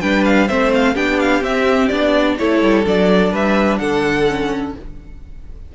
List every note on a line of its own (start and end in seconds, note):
0.00 0.49 G3
0.00 0.48 D4
0.00 0.47 B4
0.00 0.24 G5
0.24 0.48 F5
0.47 0.95 A3
0.47 0.95 C4
0.47 0.93 C5
0.47 0.71 E5
0.74 0.96 F5
0.93 1.41 B3
0.93 1.42 D4
0.93 2.35 G4
0.93 1.19 G5
1.19 1.43 F5
1.41 1.88 C4
1.41 1.91 C4
1.41 1.88 E5
1.88 2.38 B3
1.88 2.38 D4
1.88 2.35 D5
2.38 2.62 A3
2.38 2.84 E4
2.38 3.31 A4
2.38 2.85 C#5
2.62 2.85 G3
2.84 3.32 F#3
2.84 4.26 D4
2.84 3.34 D5
3.31 3.79 G3
3.31 3.79 B4
3.31 3.77 E5
3.77 4.75 D3
3.77 4.74 A4
3.77 4.72 F#5
4.27 4.74 C#4